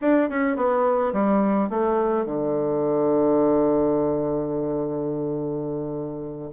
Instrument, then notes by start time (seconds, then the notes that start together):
bassoon
0.01 D4
0.29 C#4
0.56 B3
1.12 G3
1.69 A3
2.25 D3